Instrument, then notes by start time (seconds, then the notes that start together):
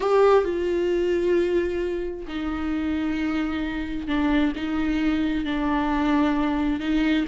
viola
0.00 G4
0.44 F4
2.27 D#4
4.07 D4
4.55 D#4
5.44 D4
6.80 D#4